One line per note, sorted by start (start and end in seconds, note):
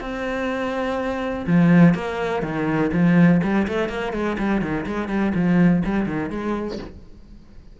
0.00 1.45 C4
1.47 1.94 F3
1.94 2.42 A#3
2.42 2.91 D#3
2.93 3.41 F3
3.43 3.67 G3
3.68 3.89 A3
3.89 4.12 A#3
4.12 4.37 G#3
4.38 4.61 G3
4.61 4.85 D#3
4.86 5.08 G#3
5.08 5.32 G3
5.35 5.83 F3
5.84 6.06 G3
6.06 6.30 D#3
6.30 6.78 G#3